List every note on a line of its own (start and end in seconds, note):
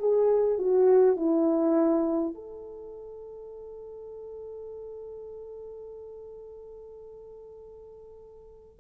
0.00 0.59 G#4
0.59 1.17 F#4
1.17 2.35 E4
2.35 8.80 A4